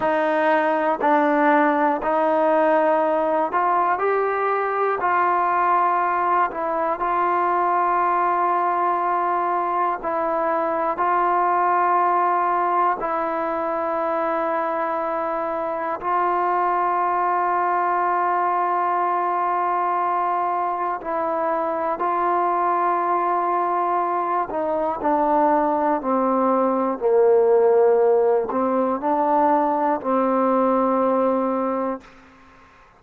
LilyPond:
\new Staff \with { instrumentName = "trombone" } { \time 4/4 \tempo 4 = 60 dis'4 d'4 dis'4. f'8 | g'4 f'4. e'8 f'4~ | f'2 e'4 f'4~ | f'4 e'2. |
f'1~ | f'4 e'4 f'2~ | f'8 dis'8 d'4 c'4 ais4~ | ais8 c'8 d'4 c'2 | }